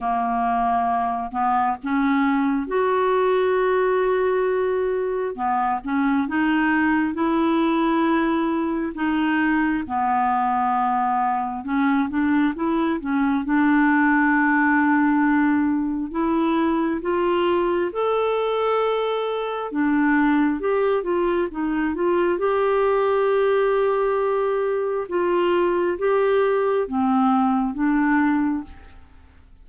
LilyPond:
\new Staff \with { instrumentName = "clarinet" } { \time 4/4 \tempo 4 = 67 ais4. b8 cis'4 fis'4~ | fis'2 b8 cis'8 dis'4 | e'2 dis'4 b4~ | b4 cis'8 d'8 e'8 cis'8 d'4~ |
d'2 e'4 f'4 | a'2 d'4 g'8 f'8 | dis'8 f'8 g'2. | f'4 g'4 c'4 d'4 | }